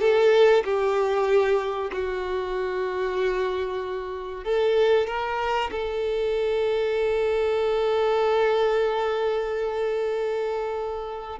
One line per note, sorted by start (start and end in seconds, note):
0.00 0.63 A4
0.64 1.90 G4
1.92 4.44 F#4
4.44 5.07 A4
5.07 5.70 A#4
5.71 11.39 A4